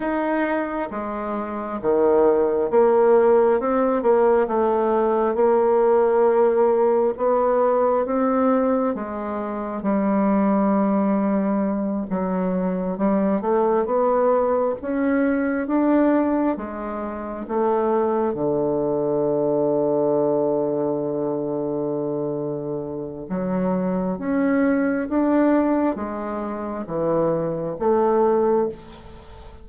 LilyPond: \new Staff \with { instrumentName = "bassoon" } { \time 4/4 \tempo 4 = 67 dis'4 gis4 dis4 ais4 | c'8 ais8 a4 ais2 | b4 c'4 gis4 g4~ | g4. fis4 g8 a8 b8~ |
b8 cis'4 d'4 gis4 a8~ | a8 d2.~ d8~ | d2 fis4 cis'4 | d'4 gis4 e4 a4 | }